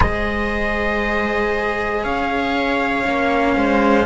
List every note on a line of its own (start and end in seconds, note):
0.00 2.04 G#3
0.00 3.04 G#4
0.00 2.03 C5
0.00 2.04 D#5
2.03 3.06 C#4
2.03 3.55 C#5
2.03 4.06 F5
3.04 3.56 A#3
3.04 4.05 C#4
3.56 4.06 G#3
3.56 4.06 C5